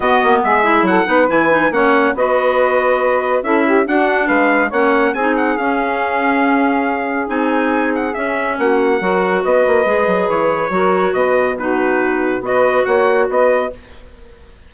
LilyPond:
<<
  \new Staff \with { instrumentName = "trumpet" } { \time 4/4 \tempo 4 = 140 dis''4 e''4 fis''4 gis''4 | fis''4 dis''2. | e''4 fis''4 f''4 fis''4 | gis''8 fis''8 f''2.~ |
f''4 gis''4. fis''8 e''4 | fis''2 dis''2 | cis''2 dis''4 b'4~ | b'4 dis''4 fis''4 dis''4 | }
  \new Staff \with { instrumentName = "saxophone" } { \time 4/4 fis'4 gis'4 a'8 b'4. | cis''4 b'2. | a'8 g'8 fis'4 b'4 cis''4 | gis'1~ |
gis'1 | fis'4 ais'4 b'2~ | b'4 ais'4 b'4 fis'4~ | fis'4 b'4 cis''4 b'4 | }
  \new Staff \with { instrumentName = "clarinet" } { \time 4/4 b4. e'4 dis'8 e'8 dis'8 | cis'4 fis'2. | e'4 d'2 cis'4 | dis'4 cis'2.~ |
cis'4 dis'2 cis'4~ | cis'4 fis'2 gis'4~ | gis'4 fis'2 dis'4~ | dis'4 fis'2. | }
  \new Staff \with { instrumentName = "bassoon" } { \time 4/4 b8 ais8 gis4 fis8 b8 e4 | ais4 b2. | cis'4 d'4 gis4 ais4 | c'4 cis'2.~ |
cis'4 c'2 cis'4 | ais4 fis4 b8 ais8 gis8 fis8 | e4 fis4 b,2~ | b,4 b4 ais4 b4 | }
>>